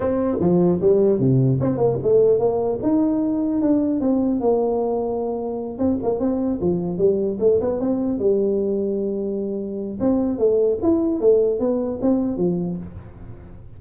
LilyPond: \new Staff \with { instrumentName = "tuba" } { \time 4/4 \tempo 4 = 150 c'4 f4 g4 c4 | c'8 ais8 a4 ais4 dis'4~ | dis'4 d'4 c'4 ais4~ | ais2~ ais8 c'8 ais8 c'8~ |
c'8 f4 g4 a8 b8 c'8~ | c'8 g2.~ g8~ | g4 c'4 a4 e'4 | a4 b4 c'4 f4 | }